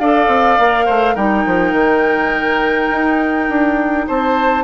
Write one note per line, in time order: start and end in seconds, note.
0.00 0.28 D4
0.00 0.60 A4
0.00 0.86 D5
0.00 1.16 F5
0.28 0.57 C4
0.59 0.88 A#3
0.59 1.17 A#4
0.86 1.16 A3
0.86 1.15 C5
1.15 1.46 G3
1.15 4.65 D#4
1.15 4.06 A#4
1.15 4.07 G5
1.46 1.73 F3
1.73 2.89 D#3
2.92 3.50 D#4
3.50 4.08 D4
4.07 4.65 C4
4.07 4.65 C5
4.07 4.65 A5